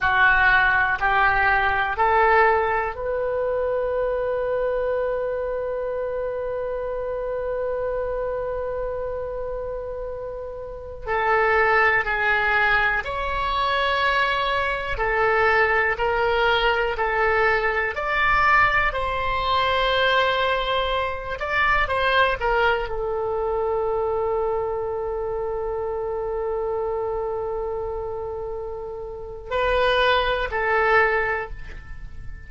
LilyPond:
\new Staff \with { instrumentName = "oboe" } { \time 4/4 \tempo 4 = 61 fis'4 g'4 a'4 b'4~ | b'1~ | b'2.~ b'16 a'8.~ | a'16 gis'4 cis''2 a'8.~ |
a'16 ais'4 a'4 d''4 c''8.~ | c''4.~ c''16 d''8 c''8 ais'8 a'8.~ | a'1~ | a'2 b'4 a'4 | }